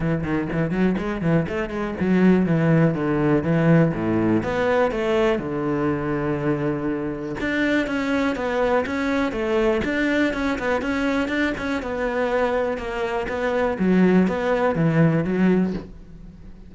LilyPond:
\new Staff \with { instrumentName = "cello" } { \time 4/4 \tempo 4 = 122 e8 dis8 e8 fis8 gis8 e8 a8 gis8 | fis4 e4 d4 e4 | a,4 b4 a4 d4~ | d2. d'4 |
cis'4 b4 cis'4 a4 | d'4 cis'8 b8 cis'4 d'8 cis'8 | b2 ais4 b4 | fis4 b4 e4 fis4 | }